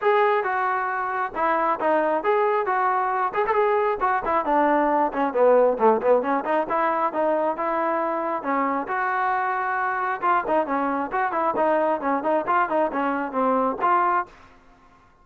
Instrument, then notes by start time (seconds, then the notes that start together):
trombone
0.01 G#4
0.43 F#4
1.35 E4
1.79 D#4
2.23 G#4
2.66 F#4
3.34 G#4
3.47 A4
3.53 G#4
4.00 F#4
4.25 E4
4.45 D4
5.12 C#4
5.33 B3
5.78 A3
6.01 B3
6.21 C#4
6.44 D#4
6.69 E4
7.12 D#4
7.56 E4
8.42 C#4
8.87 F#4
10.21 F4
10.47 D#4
10.66 C#4
11.12 F#4
11.32 E4
11.56 D#4
12.00 C#4
12.23 D#4
12.47 F4
12.69 D#4
12.92 C#4
13.32 C4
13.81 F4